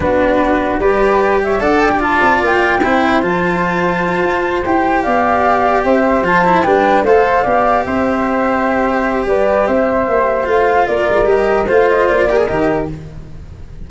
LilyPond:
<<
  \new Staff \with { instrumentName = "flute" } { \time 4/4 \tempo 4 = 149 b'2 d''4. e''8 | fis''8 g''8 a''4 g''2 | a''2.~ a''8 g''8~ | g''8 f''2 e''4 a''8~ |
a''8 g''4 f''2 e''8~ | e''2. d''4 | e''2 f''4 d''4 | dis''4 f''8 dis''8 d''4 dis''4 | }
  \new Staff \with { instrumentName = "flute" } { \time 4/4 fis'2 b'4. cis''8 | d''2. c''4~ | c''1~ | c''8 d''2 c''4.~ |
c''8 b'4 c''4 d''4 c''8~ | c''2. b'4 | c''2. ais'4~ | ais'4 c''4. ais'4. | }
  \new Staff \with { instrumentName = "cello" } { \time 4/4 d'2 g'2 | a'8. g'16 f'2 e'4 | f'2.~ f'8 g'8~ | g'2.~ g'8 f'8 |
e'8 d'4 a'4 g'4.~ | g'1~ | g'2 f'2 | g'4 f'4. g'16 gis'16 g'4 | }
  \new Staff \with { instrumentName = "tuba" } { \time 4/4 b2 g2 | d'4. c'8 ais4 c'4 | f2~ f8 f'4 e'8~ | e'8 b2 c'4 f8~ |
f8 g4 a4 b4 c'8~ | c'2. g4 | c'4 ais4 a4 ais8 gis8 | g4 a4 ais4 dis4 | }
>>